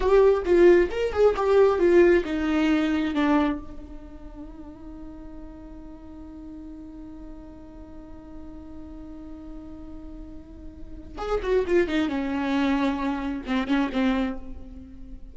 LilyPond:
\new Staff \with { instrumentName = "viola" } { \time 4/4 \tempo 4 = 134 g'4 f'4 ais'8 gis'8 g'4 | f'4 dis'2 d'4 | dis'1~ | dis'1~ |
dis'1~ | dis'1~ | dis'4 gis'8 fis'8 f'8 dis'8 cis'4~ | cis'2 c'8 cis'8 c'4 | }